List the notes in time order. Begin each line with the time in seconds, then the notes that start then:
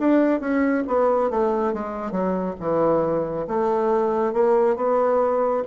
0.00 D4
0.40 C#4
0.88 B3
1.31 A3
1.74 G#3
2.11 F#3
2.60 E3
3.48 A3
4.33 A#3
4.77 B3